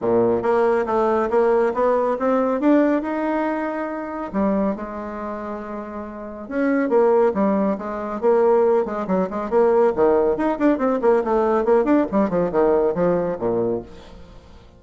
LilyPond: \new Staff \with { instrumentName = "bassoon" } { \time 4/4 \tempo 4 = 139 ais,4 ais4 a4 ais4 | b4 c'4 d'4 dis'4~ | dis'2 g4 gis4~ | gis2. cis'4 |
ais4 g4 gis4 ais4~ | ais8 gis8 fis8 gis8 ais4 dis4 | dis'8 d'8 c'8 ais8 a4 ais8 d'8 | g8 f8 dis4 f4 ais,4 | }